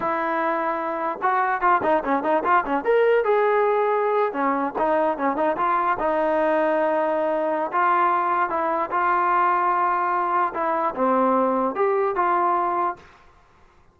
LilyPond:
\new Staff \with { instrumentName = "trombone" } { \time 4/4 \tempo 4 = 148 e'2. fis'4 | f'8 dis'8 cis'8 dis'8 f'8 cis'8 ais'4 | gis'2~ gis'8. cis'4 dis'16~ | dis'8. cis'8 dis'8 f'4 dis'4~ dis'16~ |
dis'2. f'4~ | f'4 e'4 f'2~ | f'2 e'4 c'4~ | c'4 g'4 f'2 | }